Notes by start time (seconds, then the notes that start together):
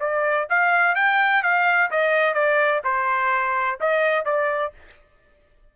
0.00 D5
0.50 F5
0.95 G5
1.43 F5
1.91 D#5
2.34 D5
2.84 C5
3.80 D#5
4.25 D5